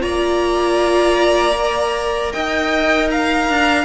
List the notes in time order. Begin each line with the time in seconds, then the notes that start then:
0.00 A#3 F4 D5 A#5
1.55 A#4
2.32 D#4 D#5 G5
3.10 F5 A#5
3.49 D4